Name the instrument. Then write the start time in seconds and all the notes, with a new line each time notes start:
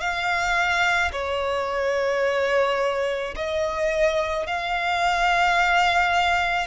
violin
0.00 F5
1.12 C#5
3.35 D#5
4.46 F5